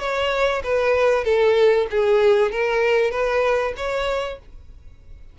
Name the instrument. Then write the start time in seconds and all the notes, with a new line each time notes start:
violin
0.00 C#5
0.64 B4
1.25 A4
1.91 G#4
2.52 A#4
3.11 B4
3.77 C#5